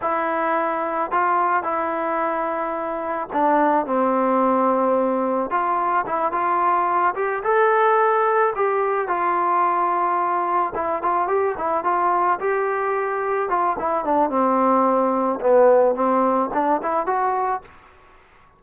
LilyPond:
\new Staff \with { instrumentName = "trombone" } { \time 4/4 \tempo 4 = 109 e'2 f'4 e'4~ | e'2 d'4 c'4~ | c'2 f'4 e'8 f'8~ | f'4 g'8 a'2 g'8~ |
g'8 f'2. e'8 | f'8 g'8 e'8 f'4 g'4.~ | g'8 f'8 e'8 d'8 c'2 | b4 c'4 d'8 e'8 fis'4 | }